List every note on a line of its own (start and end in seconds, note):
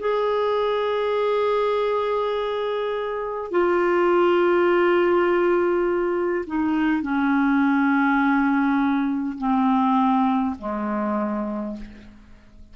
0.00 3.51 G#4
3.51 6.45 F4
6.47 7.02 D#4
7.02 9.37 C#4
9.38 10.56 C4
10.59 11.76 G#3